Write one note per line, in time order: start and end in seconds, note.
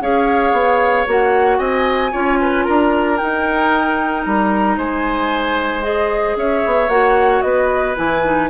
0.00 0.52 C#4
0.00 1.07 G#4
0.00 1.58 C#5
0.00 1.07 F5
0.52 1.05 B3
1.07 1.59 A#3
1.07 2.12 F#4
1.07 1.58 F#5
1.58 2.12 C4
1.58 2.11 D#5
1.58 2.64 G#5
2.11 2.67 C#4
2.11 3.18 F4
2.11 2.38 C#5
2.41 2.64 B4
2.64 3.21 D4
2.64 4.77 A#4
2.64 3.17 A#5
3.17 5.82 D#4
3.17 4.26 D#4
3.17 4.23 G5
4.25 4.77 G3
4.25 4.78 A#5
4.77 6.36 G#3
4.77 6.36 C5
4.77 5.83 G#5
5.82 6.88 G#4
5.82 6.36 D#5
6.36 6.62 C#4
6.36 7.44 C#5
6.36 6.89 E5
6.65 6.88 B3
6.88 7.41 A#3
6.88 7.95 F#4
6.88 7.41 F#5
7.41 7.96 B3
7.41 8.50 B4
7.41 7.94 D#5
7.95 8.50 E3
7.95 8.22 E4
7.95 8.50 G#5
8.23 8.50 D#4